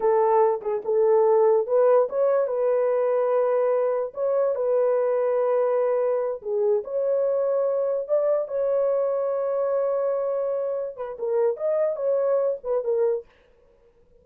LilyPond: \new Staff \with { instrumentName = "horn" } { \time 4/4 \tempo 4 = 145 a'4. gis'8 a'2 | b'4 cis''4 b'2~ | b'2 cis''4 b'4~ | b'2.~ b'8 gis'8~ |
gis'8 cis''2. d''8~ | d''8 cis''2.~ cis''8~ | cis''2~ cis''8 b'8 ais'4 | dis''4 cis''4. b'8 ais'4 | }